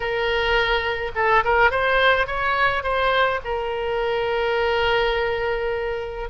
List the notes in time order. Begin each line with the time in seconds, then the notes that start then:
0.00 A#4
1.15 A4
1.44 A#4
1.71 C5
2.26 C#5
2.83 C5
3.44 A#4